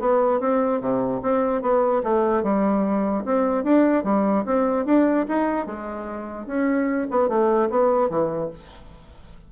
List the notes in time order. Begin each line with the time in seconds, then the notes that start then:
0.00 B3
0.40 C4
0.81 C3
1.23 C4
1.62 B3
2.04 A3
2.43 G3
3.25 C4
3.64 D4
4.04 G3
4.46 C4
4.86 D4
5.28 D#4
5.67 G#3
6.47 C#4
7.11 B3
7.29 A3
7.70 B3
8.10 E3